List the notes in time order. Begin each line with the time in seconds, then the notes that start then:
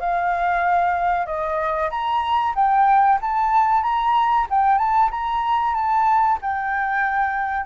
0.00 F5
1.26 D#5
1.90 A#5
2.55 G5
3.21 A5
3.83 A#5
4.50 G5
4.78 A5
5.11 A#5
5.74 A5
6.41 G5